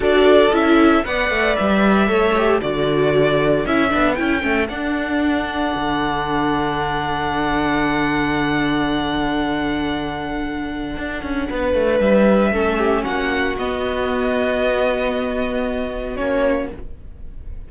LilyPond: <<
  \new Staff \with { instrumentName = "violin" } { \time 4/4 \tempo 4 = 115 d''4 e''4 fis''4 e''4~ | e''4 d''2 e''4 | g''4 fis''2.~ | fis''1~ |
fis''1~ | fis''2. e''4~ | e''4 fis''4 dis''2~ | dis''2. cis''4 | }
  \new Staff \with { instrumentName = "violin" } { \time 4/4 a'2 d''2 | cis''4 a'2.~ | a'1~ | a'1~ |
a'1~ | a'2 b'2 | a'8 g'8 fis'2.~ | fis'1 | }
  \new Staff \with { instrumentName = "viola" } { \time 4/4 fis'4 e'4 b'2 | a'8 g'8 fis'2 e'8 d'8 | e'8 cis'8 d'2.~ | d'1~ |
d'1~ | d'1 | cis'2 b2~ | b2. cis'4 | }
  \new Staff \with { instrumentName = "cello" } { \time 4/4 d'4 cis'4 b8 a8 g4 | a4 d2 cis'8 b8 | cis'8 a8 d'2 d4~ | d1~ |
d1~ | d4 d'8 cis'8 b8 a8 g4 | a4 ais4 b2~ | b2. ais4 | }
>>